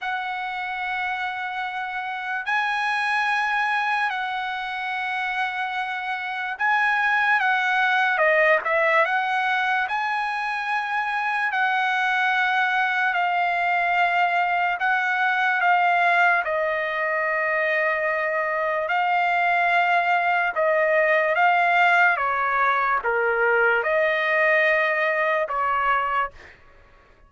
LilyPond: \new Staff \with { instrumentName = "trumpet" } { \time 4/4 \tempo 4 = 73 fis''2. gis''4~ | gis''4 fis''2. | gis''4 fis''4 dis''8 e''8 fis''4 | gis''2 fis''2 |
f''2 fis''4 f''4 | dis''2. f''4~ | f''4 dis''4 f''4 cis''4 | ais'4 dis''2 cis''4 | }